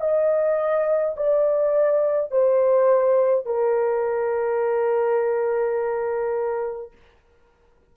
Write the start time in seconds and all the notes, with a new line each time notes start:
0.00 D#5
1.16 D5
2.31 C5
3.46 A#4